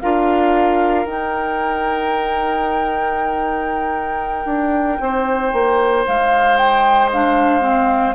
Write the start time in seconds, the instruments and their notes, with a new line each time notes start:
0.00 bassoon D4, clarinet F4, oboe A#4, flute F5
1.05 bassoon D#4, clarinet D#4, flute G5
4.45 bassoon D4
5.00 bassoon C4, oboe C5
5.52 bassoon A#3
6.06 bassoon G#3, flute F5
6.56 flute G5
7.12 clarinet D4, flute F5
7.60 clarinet C4